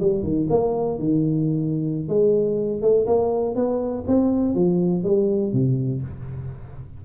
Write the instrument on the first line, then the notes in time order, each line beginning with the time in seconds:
tuba
0.00 G3
0.23 D#3
0.50 A#3
0.99 D#3
2.08 G#3
2.81 A3
3.06 A#3
3.55 B3
4.07 C4
4.55 F3
5.04 G3
5.53 C3